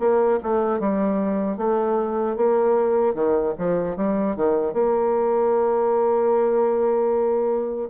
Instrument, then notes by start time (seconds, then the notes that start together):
bassoon
0.00 A#3
0.43 A3
0.80 G3
1.58 A3
2.37 A#3
3.15 D#3
3.58 F3
3.97 G3
4.36 D#3
4.74 A#3